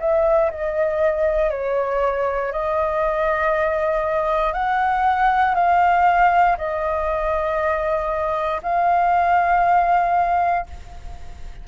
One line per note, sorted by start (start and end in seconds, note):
0.00 0.51 E5
0.51 1.51 D#5
1.51 2.52 C#5
2.52 4.53 D#5
4.53 5.55 F#5
5.55 6.57 F5
6.58 8.62 D#5
8.63 10.67 F5